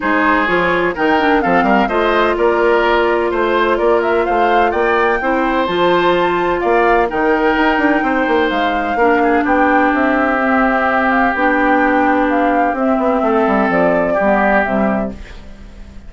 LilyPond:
<<
  \new Staff \with { instrumentName = "flute" } { \time 4/4 \tempo 4 = 127 c''4 cis''4 g''4 f''4 | dis''4 d''2 c''4 | d''8 e''8 f''4 g''2 | a''2 f''4 g''4~ |
g''2 f''2 | g''4 e''2~ e''8 f''8 | g''2 f''4 e''4~ | e''4 d''2 e''4 | }
  \new Staff \with { instrumentName = "oboe" } { \time 4/4 gis'2 ais'4 a'8 ais'8 | c''4 ais'2 c''4 | ais'4 c''4 d''4 c''4~ | c''2 d''4 ais'4~ |
ais'4 c''2 ais'8 gis'8 | g'1~ | g'1 | a'2 g'2 | }
  \new Staff \with { instrumentName = "clarinet" } { \time 4/4 dis'4 f'4 dis'8 d'8 c'4 | f'1~ | f'2. e'4 | f'2. dis'4~ |
dis'2. d'4~ | d'2 c'2 | d'2. c'4~ | c'2 b4 g4 | }
  \new Staff \with { instrumentName = "bassoon" } { \time 4/4 gis4 f4 dis4 f8 g8 | a4 ais2 a4 | ais4 a4 ais4 c'4 | f2 ais4 dis4 |
dis'8 d'8 c'8 ais8 gis4 ais4 | b4 c'2. | b2. c'8 b8 | a8 g8 f4 g4 c4 | }
>>